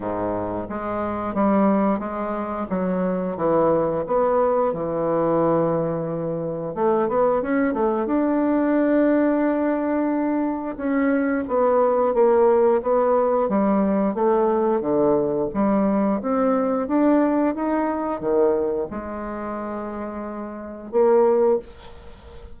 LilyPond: \new Staff \with { instrumentName = "bassoon" } { \time 4/4 \tempo 4 = 89 gis,4 gis4 g4 gis4 | fis4 e4 b4 e4~ | e2 a8 b8 cis'8 a8 | d'1 |
cis'4 b4 ais4 b4 | g4 a4 d4 g4 | c'4 d'4 dis'4 dis4 | gis2. ais4 | }